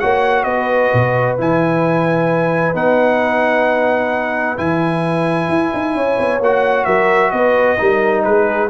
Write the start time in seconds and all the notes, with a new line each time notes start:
0.00 A#3 F#4 C#5 F#5
0.44 B3 B4 D#5
0.93 B2
1.38 E3 E4 G#5
2.74 B3 D#4 F#5
4.57 E3 E4 G#5
5.49 E4
5.73 D#4
5.95 C#4 C#5
6.18 B3
6.40 A#3 F#4 F#5
6.85 F#3 A#4 E5
7.31 B3 B4 D#5
7.77 G3 D#4 A#4
8.24 G#3 G#4 B4